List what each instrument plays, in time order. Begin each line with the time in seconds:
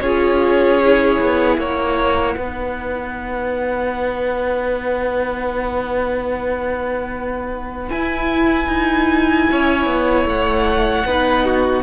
0.00 cello C#4, viola F4, violin G#4 C#5
0.83 viola E4
1.20 cello B3
1.57 cello A#3, violin C#5 F#5
2.35 cello B3, viola D#4, violin B4
7.88 viola E4, cello E4, violin G#5
8.67 cello D#4
9.51 cello C#4, violin C#5
9.86 cello B3
10.25 cello A3, violin F#5
11.05 cello B3, viola D#4, violin B4
11.44 violin F#4